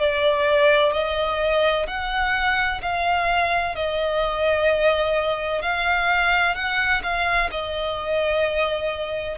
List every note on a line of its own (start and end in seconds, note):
0.00 0.93 D5
0.93 1.87 D#5
1.87 2.81 F#5
2.82 3.75 F5
3.75 5.62 D#5
5.62 6.55 F5
6.55 7.02 F#5
7.03 7.50 F5
7.51 9.38 D#5